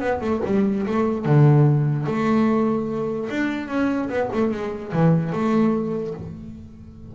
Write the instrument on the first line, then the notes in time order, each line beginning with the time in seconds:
double bass
0.00 B3
0.21 A3
0.45 G3
0.87 A3
1.25 D3
2.06 A3
3.30 D4
3.68 C#4
4.09 B3
4.33 A3
4.51 G#3
4.92 E3
5.32 A3